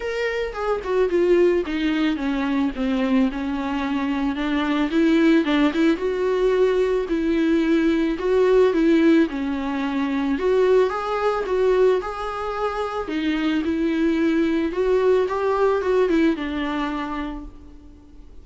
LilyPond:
\new Staff \with { instrumentName = "viola" } { \time 4/4 \tempo 4 = 110 ais'4 gis'8 fis'8 f'4 dis'4 | cis'4 c'4 cis'2 | d'4 e'4 d'8 e'8 fis'4~ | fis'4 e'2 fis'4 |
e'4 cis'2 fis'4 | gis'4 fis'4 gis'2 | dis'4 e'2 fis'4 | g'4 fis'8 e'8 d'2 | }